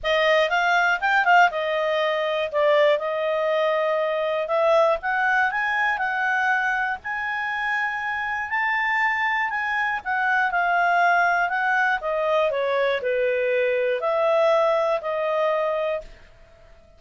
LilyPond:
\new Staff \with { instrumentName = "clarinet" } { \time 4/4 \tempo 4 = 120 dis''4 f''4 g''8 f''8 dis''4~ | dis''4 d''4 dis''2~ | dis''4 e''4 fis''4 gis''4 | fis''2 gis''2~ |
gis''4 a''2 gis''4 | fis''4 f''2 fis''4 | dis''4 cis''4 b'2 | e''2 dis''2 | }